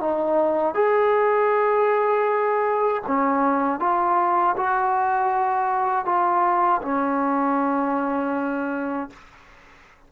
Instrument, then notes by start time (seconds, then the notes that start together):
trombone
0.00 D#4
0.75 G#4
3.07 C#4
3.79 F4
4.57 F#4
6.05 F4
6.82 C#4